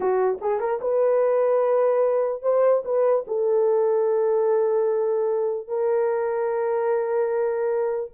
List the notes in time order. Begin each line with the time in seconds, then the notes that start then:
0.00 F#4
0.41 G#4
0.60 A#4
0.81 B4
2.42 C5
2.84 B4
3.27 A4
5.67 A#4